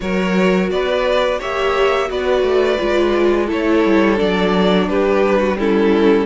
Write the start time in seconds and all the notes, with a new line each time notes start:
0.00 F#3 F#4 A#4 C#5
0.70 B3 B4 D5
1.38 A#3 G4 C#5 E5
2.07 B3 F#4 B4 D5
2.42 A3
2.78 G#3 F4
3.46 A3 E4 A4 C#5
3.85 G3
4.16 F#3 D4 D5
4.88 G3 G4 B4
5.39 F#4
5.59 C#4 E4 A4